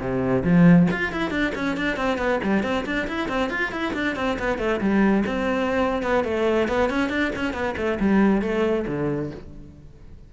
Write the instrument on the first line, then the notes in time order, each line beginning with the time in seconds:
cello
0.00 C3
0.44 F3
0.91 F4
1.12 E4
1.31 D4
1.55 C#4
1.77 D4
1.97 C4
2.18 B3
2.44 G3
2.63 C4
2.86 D4
3.08 E4
3.29 C4
3.50 F4
3.72 E4
3.94 D4
4.16 C4
4.39 B3
4.58 A3
4.81 G3
5.27 C4
6.03 B3
6.24 A3
6.68 B3
6.90 C#4
7.10 D4
7.36 C#4
7.53 B3
7.77 A3
8.00 G3
8.42 A3
8.87 D3